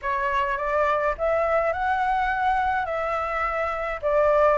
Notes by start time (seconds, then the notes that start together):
0.02 C#5
0.57 D5
1.17 E5
1.72 F#5
2.85 E5
4.02 D5